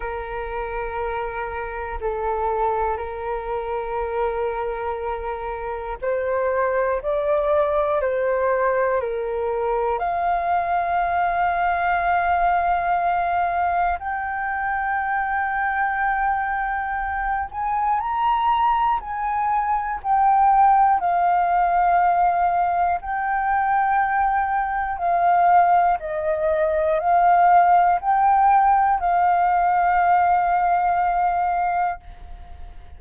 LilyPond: \new Staff \with { instrumentName = "flute" } { \time 4/4 \tempo 4 = 60 ais'2 a'4 ais'4~ | ais'2 c''4 d''4 | c''4 ais'4 f''2~ | f''2 g''2~ |
g''4. gis''8 ais''4 gis''4 | g''4 f''2 g''4~ | g''4 f''4 dis''4 f''4 | g''4 f''2. | }